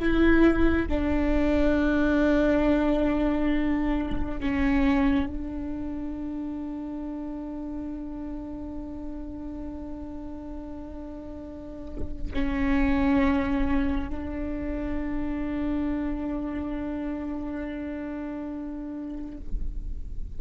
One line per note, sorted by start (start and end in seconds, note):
0.00 0.88 E4
0.89 4.40 D4
4.40 5.27 C#4
5.27 12.33 D4
12.34 14.09 C#4
14.09 19.39 D4